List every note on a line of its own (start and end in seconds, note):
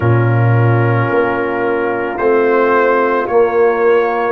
0.00 1.09 A#2
0.00 2.18 C#4
0.00 4.32 F4
0.00 2.17 A#4
1.10 2.18 A#3
2.17 3.27 A3
2.17 3.28 C4
2.17 3.26 C5
3.27 4.32 A#3
3.27 4.32 C#5